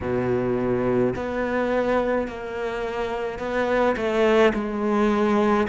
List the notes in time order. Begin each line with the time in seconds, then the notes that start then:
0.01 B2
1.15 B3
2.27 A#3
3.39 B3
3.96 A3
4.54 G#3